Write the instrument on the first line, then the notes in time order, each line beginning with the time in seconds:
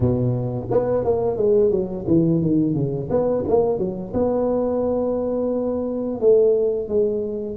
tuba
0.00 B2
0.70 B3
1.04 A#3
1.36 G#3
1.71 F#3
2.07 E3
2.41 D#3
2.74 C#3
3.10 B3
3.47 A#3
3.78 F#3
4.13 B3
6.20 A3
6.88 G#3